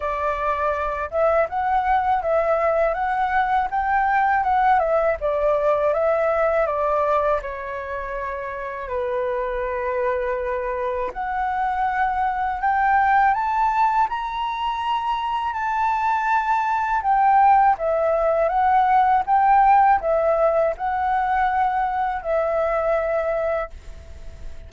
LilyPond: \new Staff \with { instrumentName = "flute" } { \time 4/4 \tempo 4 = 81 d''4. e''8 fis''4 e''4 | fis''4 g''4 fis''8 e''8 d''4 | e''4 d''4 cis''2 | b'2. fis''4~ |
fis''4 g''4 a''4 ais''4~ | ais''4 a''2 g''4 | e''4 fis''4 g''4 e''4 | fis''2 e''2 | }